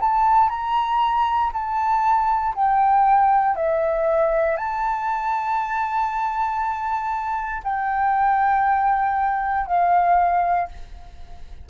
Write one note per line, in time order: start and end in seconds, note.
0.00 0.49 A5
0.49 1.51 A#5
1.53 2.55 A5
2.55 3.56 G5
3.56 4.57 E5
4.57 7.62 A5
7.64 9.67 G5
9.67 10.68 F5